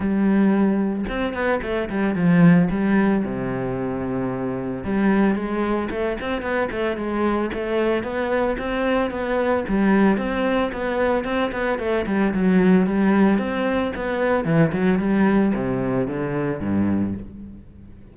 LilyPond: \new Staff \with { instrumentName = "cello" } { \time 4/4 \tempo 4 = 112 g2 c'8 b8 a8 g8 | f4 g4 c2~ | c4 g4 gis4 a8 c'8 | b8 a8 gis4 a4 b4 |
c'4 b4 g4 c'4 | b4 c'8 b8 a8 g8 fis4 | g4 c'4 b4 e8 fis8 | g4 c4 d4 g,4 | }